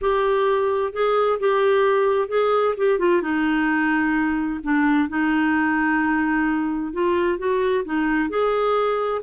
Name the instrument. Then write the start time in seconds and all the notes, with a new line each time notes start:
clarinet
0.01 G4
0.93 G#4
1.39 G4
2.28 G#4
2.77 G4
2.99 F4
3.22 D#4
4.63 D4
5.08 D#4
6.93 F4
7.38 F#4
7.85 D#4
8.29 G#4